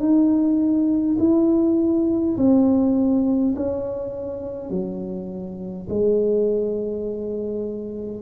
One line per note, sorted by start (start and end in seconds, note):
0.00 1.18 D#4
1.19 2.37 E4
2.37 3.55 C4
3.56 4.71 C#4
4.71 5.88 F#3
5.90 8.22 G#3